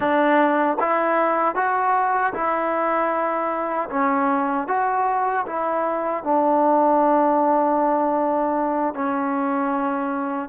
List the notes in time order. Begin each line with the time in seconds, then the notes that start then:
0.00 D4
0.80 E4
1.55 F#4
2.33 E4
3.89 C#4
4.68 F#4
5.46 E4
6.23 D4
8.94 C#4